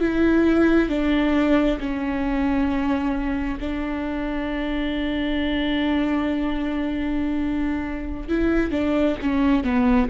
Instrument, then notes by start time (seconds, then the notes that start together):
viola
0.00 E4
0.89 D4
1.80 C#4
3.59 D4
8.28 E4
8.71 D4
9.22 C#4
9.64 B3